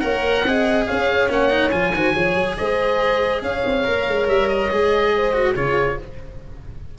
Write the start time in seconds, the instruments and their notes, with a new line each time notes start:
0.00 tuba A#3, cello A#4, horn C#5, oboe F#5
0.44 tuba C4, cello G#4, horn D#5
0.87 tuba C#4, horn C#5, oboe F5
1.29 tuba A#3, cello C#4, oboe F#5
1.50 cello D#4
1.71 tuba F3, cello F4, oboe G#5
1.94 tuba D#3, cello F#4, horn C5
2.14 tuba F3, cello G#4, horn C#5
2.35 tuba F#3
2.57 tuba G#3, horn C5, oboe D#5
3.42 tuba C#4, horn C#5, oboe F5
3.66 tuba C4
3.84 tuba A#3, cello A#4
4.08 tuba G#3
4.28 tuba G3, oboe E5
4.48 oboe D#5
4.70 tuba G#3, cello G#4
5.16 horn C5
5.34 cello F#4
5.54 tuba C#3, cello F4, horn G#4, oboe C#5